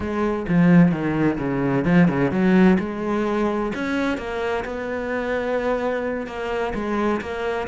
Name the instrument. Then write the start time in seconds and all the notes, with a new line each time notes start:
cello
0.00 G#3
0.48 F3
0.91 D#3
1.38 C#3
1.85 F3
2.08 C#3
2.31 F#3
2.79 G#3
3.74 C#4
4.17 A#3
4.64 B3
6.26 A#3
6.74 G#3
7.21 A#3